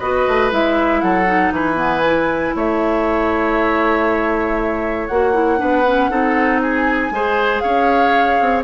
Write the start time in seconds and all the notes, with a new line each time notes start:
0.00 B3 F#4 B4 D#5
0.28 A3
0.51 G#3 E4 E5
1.01 F#3 A4 F#5
1.26 D#4
1.51 E3 B4 G#5
1.76 B3
2.06 E4
2.55 A3 C#5 E5
5.07 A#3 F#4 F#5
5.33 E4
5.58 B3 D4 B4
5.87 C#4
6.10 C4 D#4 A4
6.62 G#4 G#5
7.11 G#3 G#4 C5
7.60 C#4 C#5 F5
8.40 C4